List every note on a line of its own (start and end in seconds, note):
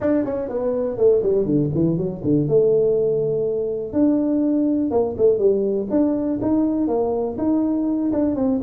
0.00 0.25 D4
0.25 0.48 C#4
0.48 0.97 B3
0.97 1.22 A3
1.23 1.45 G3
1.45 1.70 D3
1.74 1.97 E3
1.97 2.21 F#3
2.23 2.48 D3
2.48 3.92 A3
3.92 4.90 D4
4.90 5.15 A#3
5.17 5.38 A3
5.38 5.87 G3
5.90 6.39 D4
6.41 6.87 D#4
6.87 7.36 A#3
7.38 8.11 D#4
8.12 8.35 D4
8.35 8.60 C4